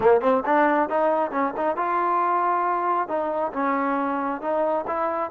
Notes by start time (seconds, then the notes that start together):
0.00 A#3
0.21 C4
0.45 D4
0.89 D#4
1.31 C#4
1.57 D#4
1.76 F4
3.08 D#4
3.53 C#4
4.41 D#4
4.87 E4